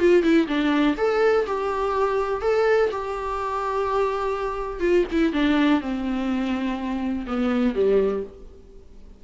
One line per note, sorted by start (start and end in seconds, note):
0.00 0.23 F4
0.23 0.47 E4
0.48 0.97 D4
0.97 1.46 A4
1.47 2.42 G4
2.42 2.91 A4
2.91 4.81 G4
4.81 5.05 F4
5.12 5.33 E4
5.33 5.81 D4
5.81 7.26 C4
7.27 7.75 B3
7.75 8.24 G3